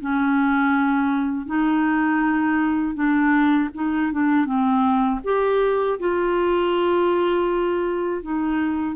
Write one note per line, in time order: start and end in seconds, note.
0.00 1.46 C#4
1.46 2.94 D#4
2.94 3.69 D4
3.75 4.12 D#4
4.12 4.45 D4
4.45 5.20 C4
5.24 5.99 G4
5.99 8.22 F4
8.22 8.96 D#4